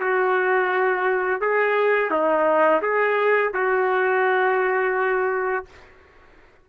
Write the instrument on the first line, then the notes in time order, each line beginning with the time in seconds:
trumpet
0.00 F#4
1.41 G#4
2.10 D#4
2.82 G#4
3.54 F#4